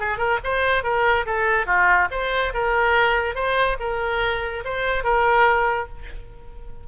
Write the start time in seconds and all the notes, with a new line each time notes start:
0.00 G#4
0.18 A#4
0.44 C5
0.83 A#4
1.26 A4
1.66 F4
2.11 C5
2.54 A#4
3.35 C5
3.80 A#4
4.65 C5
5.04 A#4